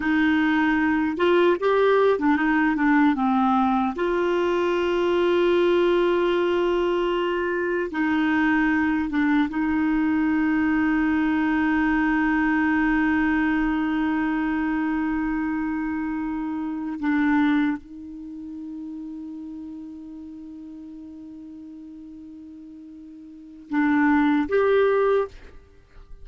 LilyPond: \new Staff \with { instrumentName = "clarinet" } { \time 4/4 \tempo 4 = 76 dis'4. f'8 g'8. d'16 dis'8 d'8 | c'4 f'2.~ | f'2 dis'4. d'8 | dis'1~ |
dis'1~ | dis'4. d'4 dis'4.~ | dis'1~ | dis'2 d'4 g'4 | }